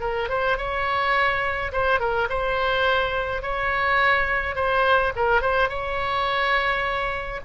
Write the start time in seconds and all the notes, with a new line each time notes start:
0.00 A#4
0.29 C5
0.57 C#5
1.72 C5
1.99 A#4
2.29 C5
3.42 C#5
4.55 C5
5.16 A#4
5.41 C5
5.69 C#5